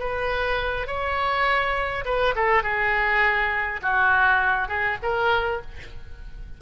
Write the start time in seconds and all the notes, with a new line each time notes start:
0.00 B4
0.87 C#5
2.06 B4
2.36 A4
2.64 G#4
3.83 F#4
4.68 G#4
5.03 A#4